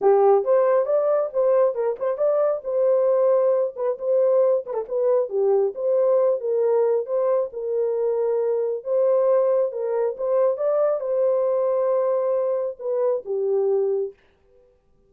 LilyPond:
\new Staff \with { instrumentName = "horn" } { \time 4/4 \tempo 4 = 136 g'4 c''4 d''4 c''4 | ais'8 c''8 d''4 c''2~ | c''8 b'8 c''4. b'16 a'16 b'4 | g'4 c''4. ais'4. |
c''4 ais'2. | c''2 ais'4 c''4 | d''4 c''2.~ | c''4 b'4 g'2 | }